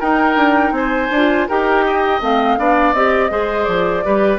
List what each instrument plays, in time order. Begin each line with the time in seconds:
0.00 clarinet D#4, bassoon D#4, oboe A#4, flute G5
0.36 bassoon D4
0.72 bassoon C4, oboe C5, flute G#5
1.11 bassoon D4, clarinet F4
1.48 bassoon D#4, clarinet G4, oboe A#4, flute G5
1.86 oboe D#5
2.21 bassoon A3, clarinet C4, flute F5
2.58 bassoon B3, clarinet D4, oboe D5
2.94 bassoon C4, clarinet G4, flute D#5
3.30 bassoon G#3, clarinet G#4, oboe C5
3.64 bassoon F3, flute D5
4.04 bassoon G3, clarinet G4, oboe B4